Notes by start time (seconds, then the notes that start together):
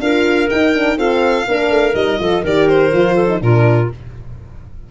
0.00 D4 F4 A#4 F5
0.49 D#4 G5
0.73 D4
0.96 C4 F4 A4 F5
1.47 A#3 D4 A#4
1.69 A3
1.94 G3 D#4 D#5
2.19 F3 F4 A4
2.42 D#3 G4 A#4 D5
2.68 C5
2.91 F3 F4
3.15 A4
3.27 D#4
3.40 A#2 D4 F4 A#4